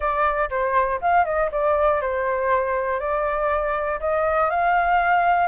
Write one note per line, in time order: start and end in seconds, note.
0.00 0.49 D5
0.50 1.00 C5
1.01 1.25 F5
1.25 1.50 D#5
1.51 2.01 D5
2.01 2.99 C5
2.99 3.99 D5
4.00 4.50 D#5
4.50 5.47 F5